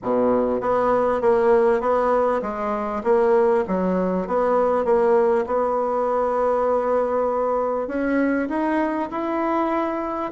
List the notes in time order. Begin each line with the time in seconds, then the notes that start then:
0.02 B2
0.60 B3
1.21 A#3
1.80 B3
2.42 G#3
3.03 A#3
3.67 F#3
4.27 B3
4.84 A#3
5.46 B3
7.87 C#4
8.48 D#4
9.10 E4